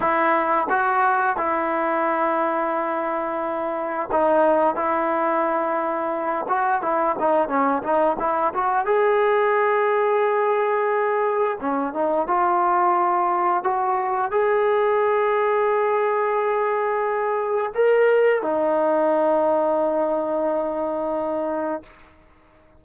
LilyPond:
\new Staff \with { instrumentName = "trombone" } { \time 4/4 \tempo 4 = 88 e'4 fis'4 e'2~ | e'2 dis'4 e'4~ | e'4. fis'8 e'8 dis'8 cis'8 dis'8 | e'8 fis'8 gis'2.~ |
gis'4 cis'8 dis'8 f'2 | fis'4 gis'2.~ | gis'2 ais'4 dis'4~ | dis'1 | }